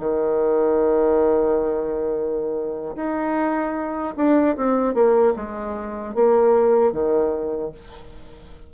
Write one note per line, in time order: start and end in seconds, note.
0.00 2.96 D#3
2.96 4.15 D#4
4.17 4.57 D4
4.57 4.94 C4
4.94 5.34 A#3
5.36 6.15 G#3
6.15 6.93 A#3
6.93 7.72 D#3